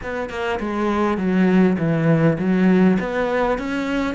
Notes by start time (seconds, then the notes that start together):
0.02 B3
0.29 A#3
0.59 G#3
1.17 F#3
1.78 E3
2.38 F#3
2.99 B3
3.58 C#4